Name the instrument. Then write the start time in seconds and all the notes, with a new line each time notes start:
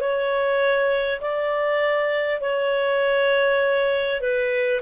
clarinet
0.00 C#5
1.20 D5
2.41 C#5
4.20 B4